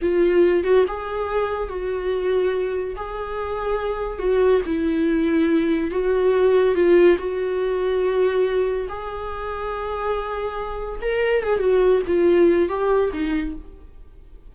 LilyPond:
\new Staff \with { instrumentName = "viola" } { \time 4/4 \tempo 4 = 142 f'4. fis'8 gis'2 | fis'2. gis'4~ | gis'2 fis'4 e'4~ | e'2 fis'2 |
f'4 fis'2.~ | fis'4 gis'2.~ | gis'2 ais'4 gis'8 fis'8~ | fis'8 f'4. g'4 dis'4 | }